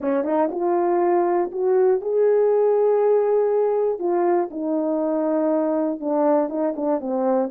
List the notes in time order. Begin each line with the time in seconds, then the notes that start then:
0.00 C#4
0.24 D#4
0.51 F4
1.51 F#4
2.01 G#4
3.99 F4
4.50 D#4
6.00 D4
6.49 D#4
6.75 D4
7.00 C4